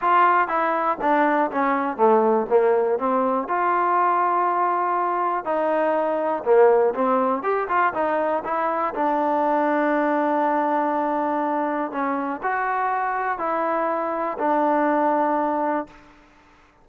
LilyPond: \new Staff \with { instrumentName = "trombone" } { \time 4/4 \tempo 4 = 121 f'4 e'4 d'4 cis'4 | a4 ais4 c'4 f'4~ | f'2. dis'4~ | dis'4 ais4 c'4 g'8 f'8 |
dis'4 e'4 d'2~ | d'1 | cis'4 fis'2 e'4~ | e'4 d'2. | }